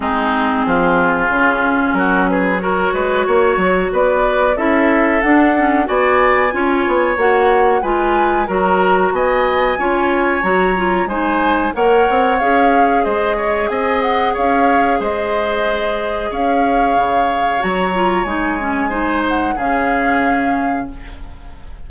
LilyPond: <<
  \new Staff \with { instrumentName = "flute" } { \time 4/4 \tempo 4 = 92 gis'2. ais'8 b'8 | cis''2 d''4 e''4 | fis''4 gis''2 fis''4 | gis''4 ais''4 gis''2 |
ais''4 gis''4 fis''4 f''4 | dis''4 gis''8 fis''8 f''4 dis''4~ | dis''4 f''2 ais''4 | gis''4. fis''8 f''2 | }
  \new Staff \with { instrumentName = "oboe" } { \time 4/4 dis'4 f'2 fis'8 gis'8 | ais'8 b'8 cis''4 b'4 a'4~ | a'4 d''4 cis''2 | b'4 ais'4 dis''4 cis''4~ |
cis''4 c''4 cis''2 | c''8 cis''8 dis''4 cis''4 c''4~ | c''4 cis''2.~ | cis''4 c''4 gis'2 | }
  \new Staff \with { instrumentName = "clarinet" } { \time 4/4 c'2 cis'2 | fis'2. e'4 | d'8 cis'8 fis'4 f'4 fis'4 | f'4 fis'2 f'4 |
fis'8 f'8 dis'4 ais'4 gis'4~ | gis'1~ | gis'2. fis'8 f'8 | dis'8 cis'8 dis'4 cis'2 | }
  \new Staff \with { instrumentName = "bassoon" } { \time 4/4 gis4 f4 cis4 fis4~ | fis8 gis8 ais8 fis8 b4 cis'4 | d'4 b4 cis'8 b8 ais4 | gis4 fis4 b4 cis'4 |
fis4 gis4 ais8 c'8 cis'4 | gis4 c'4 cis'4 gis4~ | gis4 cis'4 cis4 fis4 | gis2 cis2 | }
>>